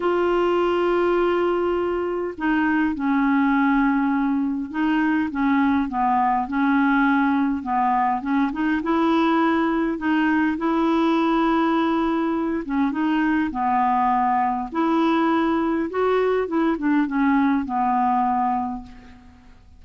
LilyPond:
\new Staff \with { instrumentName = "clarinet" } { \time 4/4 \tempo 4 = 102 f'1 | dis'4 cis'2. | dis'4 cis'4 b4 cis'4~ | cis'4 b4 cis'8 dis'8 e'4~ |
e'4 dis'4 e'2~ | e'4. cis'8 dis'4 b4~ | b4 e'2 fis'4 | e'8 d'8 cis'4 b2 | }